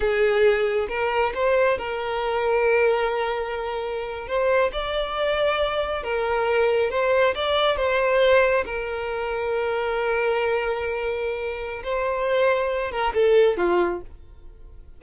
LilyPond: \new Staff \with { instrumentName = "violin" } { \time 4/4 \tempo 4 = 137 gis'2 ais'4 c''4 | ais'1~ | ais'4.~ ais'16 c''4 d''4~ d''16~ | d''4.~ d''16 ais'2 c''16~ |
c''8. d''4 c''2 ais'16~ | ais'1~ | ais'2. c''4~ | c''4. ais'8 a'4 f'4 | }